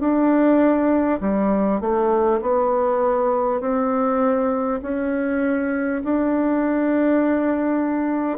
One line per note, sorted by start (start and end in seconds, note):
0.00 1.20 D4
1.21 1.81 G3
1.81 2.41 A3
2.42 3.61 B3
3.61 4.81 C4
4.83 6.03 C#4
6.04 8.38 D4